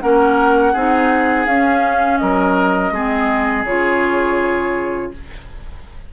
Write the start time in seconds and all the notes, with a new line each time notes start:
0.00 A#3 C#4 A#4 F#5
0.73 C4 D#4 G#4
1.46 C#4 F5
2.18 F#3 A#4 D#5
2.91 G#3 C4 G#4
3.65 C#3 F4 C#5